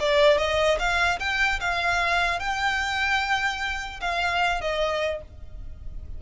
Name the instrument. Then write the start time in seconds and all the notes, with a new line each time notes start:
violin
0.00 D5
0.38 D#5
0.79 F5
1.20 G5
1.60 F5
2.39 G5
4.01 F5
4.61 D#5